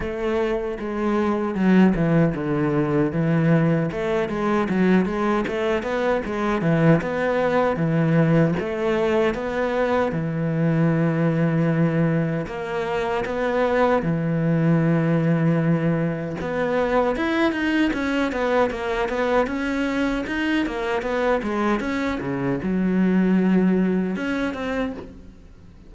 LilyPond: \new Staff \with { instrumentName = "cello" } { \time 4/4 \tempo 4 = 77 a4 gis4 fis8 e8 d4 | e4 a8 gis8 fis8 gis8 a8 b8 | gis8 e8 b4 e4 a4 | b4 e2. |
ais4 b4 e2~ | e4 b4 e'8 dis'8 cis'8 b8 | ais8 b8 cis'4 dis'8 ais8 b8 gis8 | cis'8 cis8 fis2 cis'8 c'8 | }